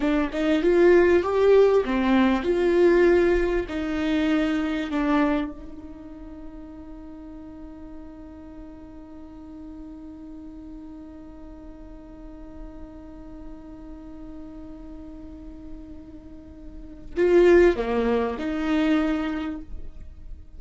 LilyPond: \new Staff \with { instrumentName = "viola" } { \time 4/4 \tempo 4 = 98 d'8 dis'8 f'4 g'4 c'4 | f'2 dis'2 | d'4 dis'2.~ | dis'1~ |
dis'1~ | dis'1~ | dis'1 | f'4 ais4 dis'2 | }